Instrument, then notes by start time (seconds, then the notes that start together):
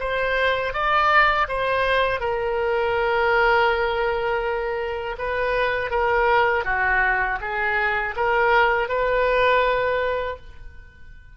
oboe
0.00 C5
0.73 D5
1.48 C5
2.20 A#4
5.18 B4
5.91 A#4
6.65 F#4
7.41 G#4
8.16 A#4
8.89 B4